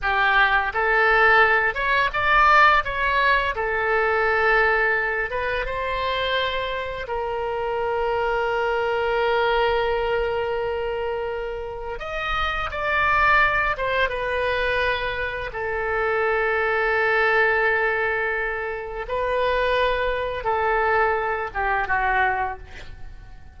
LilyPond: \new Staff \with { instrumentName = "oboe" } { \time 4/4 \tempo 4 = 85 g'4 a'4. cis''8 d''4 | cis''4 a'2~ a'8 b'8 | c''2 ais'2~ | ais'1~ |
ais'4 dis''4 d''4. c''8 | b'2 a'2~ | a'2. b'4~ | b'4 a'4. g'8 fis'4 | }